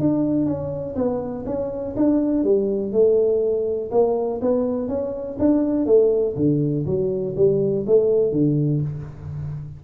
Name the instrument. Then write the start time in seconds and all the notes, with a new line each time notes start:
tuba
0.00 D4
0.46 C#4
0.96 B3
1.46 C#4
1.97 D4
2.44 G3
2.93 A3
3.91 A#3
4.42 B3
4.88 C#4
5.39 D4
5.86 A3
6.36 D3
6.86 F#3
7.36 G3
7.87 A3
8.32 D3